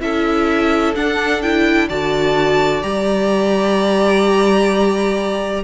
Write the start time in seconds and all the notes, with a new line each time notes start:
0.00 C#4 E4 A4 E5
0.95 D4 F#5
1.41 E4 G5
1.88 D3 F#4 D5 A5
2.82 G3 G4 A#5